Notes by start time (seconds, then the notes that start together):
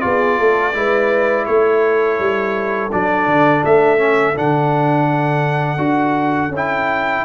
0.00 B3 F4 G#4 D5
0.39 A3 A4
0.73 G#3 E4 B4
1.45 A3 A4 C#5
2.19 G3
2.92 F#3 D4 D5
3.27 D3
3.64 A3 E5
3.98 C#4
4.34 D3 D4 F#5
5.78 D4 F#4
6.48 C#4
6.56 E4 G5